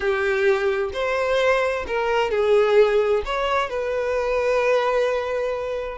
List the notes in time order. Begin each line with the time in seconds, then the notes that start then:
0.00 G4
0.93 C5
1.87 A#4
2.30 G#4
3.25 C#5
3.69 B4